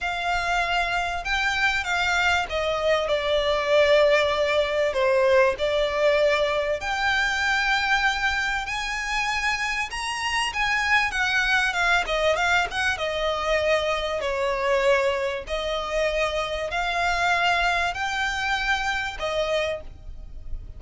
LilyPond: \new Staff \with { instrumentName = "violin" } { \time 4/4 \tempo 4 = 97 f''2 g''4 f''4 | dis''4 d''2. | c''4 d''2 g''4~ | g''2 gis''2 |
ais''4 gis''4 fis''4 f''8 dis''8 | f''8 fis''8 dis''2 cis''4~ | cis''4 dis''2 f''4~ | f''4 g''2 dis''4 | }